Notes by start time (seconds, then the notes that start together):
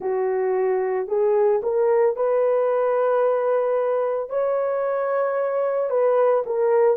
0.00 F#4
1.07 G#4
1.63 A#4
2.16 B4
4.29 C#5
5.89 B4
6.46 A#4